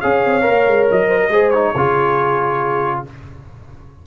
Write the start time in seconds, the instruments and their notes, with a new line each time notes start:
0.00 tuba C#4, trombone G#4, horn C#5, trumpet F5
0.25 tuba C4
0.41 tuba A#3, trombone A#4
0.67 tuba G#3
0.91 tuba F#3, trumpet D#5
1.08 horn C5
1.20 horn A#4
1.28 tuba G#3, trombone G#4, horn C5
1.50 trombone D#4, trumpet C#5
1.72 tuba C#3, trombone F4, horn G#4